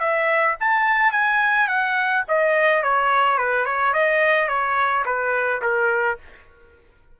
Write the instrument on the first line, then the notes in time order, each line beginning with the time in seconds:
trumpet
0.00 E5
0.60 A5
1.12 G#5
1.68 F#5
2.28 D#5
2.83 C#5
3.38 B4
3.66 C#5
3.94 D#5
4.49 C#5
5.06 B4
5.62 A#4